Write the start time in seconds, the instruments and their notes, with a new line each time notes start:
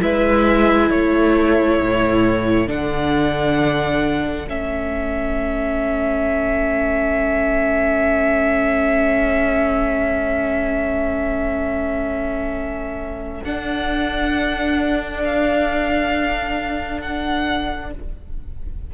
0.00 cello G#3, viola E4, violin B4 E5
0.90 cello A3, violin A4 C#5
1.81 cello A2
2.67 cello D3, viola D4, violin F#5
4.46 cello A3, viola C#4, violin E5
13.44 cello D4, viola D4, violin F#5
15.25 violin F5
17.01 violin F#5